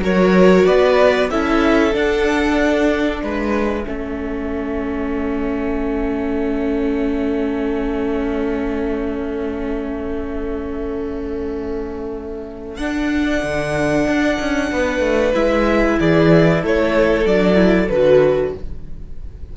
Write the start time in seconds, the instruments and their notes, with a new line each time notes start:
0.00 cello F#3, viola F#4, violin A#4 C#5
0.66 cello B3, violin B4 D5
1.31 cello C#4, viola E4, violin A4 E5
1.93 viola D4, cello D4, violin F#5
3.21 cello G#3, violin B4 E5
3.86 cello A3, viola C#4, violin A4
12.77 cello D4, viola D4, violin F#5
13.44 cello D3
14.07 cello D4
14.40 cello C#4
14.72 cello B3, violin B4
15.00 cello A3
15.34 cello G#3, viola E4, violin E5
16.00 cello E3, violin G#4 D5
16.61 cello A3, violin A4 C#5
17.26 cello F#3, viola D4, violin D5
17.55 viola E4
17.89 cello D3, viola F#4, violin B4